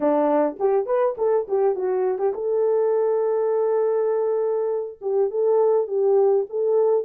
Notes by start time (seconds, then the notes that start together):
0.00 D4
0.59 G4
0.86 B4
1.17 A4
1.48 G4
1.75 F#4
2.18 G4
2.34 A4
5.01 G4
5.30 A4
5.87 G4
6.49 A4